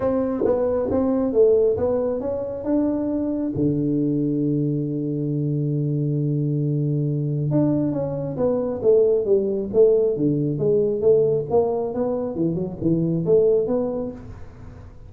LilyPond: \new Staff \with { instrumentName = "tuba" } { \time 4/4 \tempo 4 = 136 c'4 b4 c'4 a4 | b4 cis'4 d'2 | d1~ | d1~ |
d4 d'4 cis'4 b4 | a4 g4 a4 d4 | gis4 a4 ais4 b4 | e8 fis8 e4 a4 b4 | }